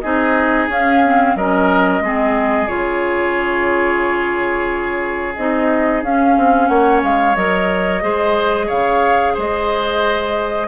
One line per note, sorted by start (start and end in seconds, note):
0.00 0.68 C4
0.00 0.69 D#4
0.00 1.36 G#4
0.00 0.67 D#5
0.68 1.34 C#4
0.68 1.04 C#4
0.68 1.36 F5
1.04 1.37 C4
1.35 2.00 F#3
1.35 2.02 C#4
1.35 2.03 A#4
1.35 2.67 D#5
2.00 2.67 G#3
2.00 2.67 C4
2.00 6.69 G#4
2.67 5.37 C#3
2.67 5.34 F4
2.67 5.34 C#5
5.35 6.02 C4
5.35 6.04 D#4
5.35 6.02 D#5
6.02 6.36 C#4
6.02 7.35 C#4
6.02 6.67 F5
6.36 6.68 C4
6.67 7.02 A#3
6.67 8.02 C#5
6.67 7.00 F#5
7.02 7.35 G#3
7.02 7.35 F5
7.35 8.02 F#3
7.35 8.01 A#4
7.35 8.69 D#5
8.01 8.68 G#3
8.01 10.67 G#4
8.01 8.66 C5
8.66 9.37 C#3
8.66 9.33 C#5
8.66 9.35 F5
9.33 10.67 G#3
9.33 10.67 C5
9.33 10.67 D#5